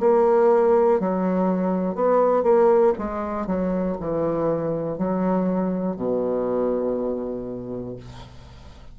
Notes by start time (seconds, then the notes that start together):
0.00 A#3
1.00 F#3
1.95 B3
2.43 A#3
2.98 G#3
3.47 F#3
4.00 E3
4.98 F#3
5.97 B2